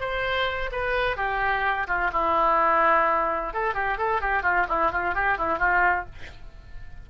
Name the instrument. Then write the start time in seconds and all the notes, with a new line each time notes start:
oboe
0.00 C5
0.72 B4
1.17 G4
1.87 F4
2.13 E4
3.53 A4
3.74 G4
3.98 A4
4.21 G4
4.43 F4
4.69 E4
4.91 F4
5.15 G4
5.38 E4
5.58 F4